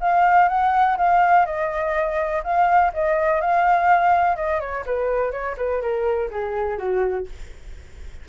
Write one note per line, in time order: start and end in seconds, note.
0.00 0.48 F5
0.48 0.96 F#5
0.97 1.45 F5
1.45 2.42 D#5
2.43 2.92 F5
2.93 3.40 D#5
3.40 4.36 F5
4.36 4.60 D#5
4.60 4.84 C#5
4.86 5.31 B4
5.31 5.55 C#5
5.57 5.81 B4
5.81 6.29 A#4
6.31 6.78 G#4
6.78 7.26 F#4